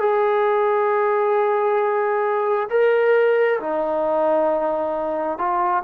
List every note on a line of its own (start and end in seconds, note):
0.00 2.69 G#4
2.70 3.59 A#4
3.60 5.38 D#4
5.38 5.83 F4